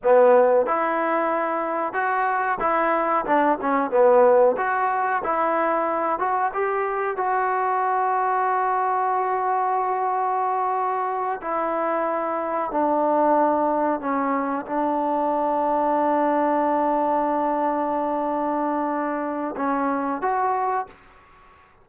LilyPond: \new Staff \with { instrumentName = "trombone" } { \time 4/4 \tempo 4 = 92 b4 e'2 fis'4 | e'4 d'8 cis'8 b4 fis'4 | e'4. fis'8 g'4 fis'4~ | fis'1~ |
fis'4. e'2 d'8~ | d'4. cis'4 d'4.~ | d'1~ | d'2 cis'4 fis'4 | }